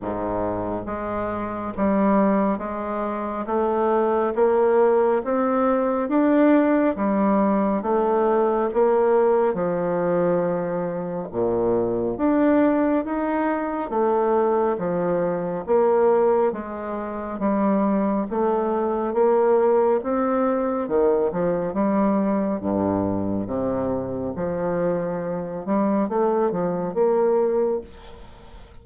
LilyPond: \new Staff \with { instrumentName = "bassoon" } { \time 4/4 \tempo 4 = 69 gis,4 gis4 g4 gis4 | a4 ais4 c'4 d'4 | g4 a4 ais4 f4~ | f4 ais,4 d'4 dis'4 |
a4 f4 ais4 gis4 | g4 a4 ais4 c'4 | dis8 f8 g4 g,4 c4 | f4. g8 a8 f8 ais4 | }